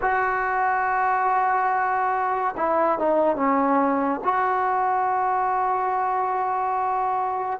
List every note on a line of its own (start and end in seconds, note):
0.01 2.55 F#4
2.56 2.98 E4
2.98 3.36 D#4
3.36 4.20 C#4
4.24 7.59 F#4